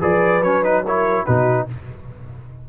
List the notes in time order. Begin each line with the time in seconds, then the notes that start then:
0.00 F3 G#4 B4 D5
0.41 F#3 C#4 C#5
0.63 D#4 B4
0.84 E4 A#4 C#5
1.25 B2 D#4 F#4 B4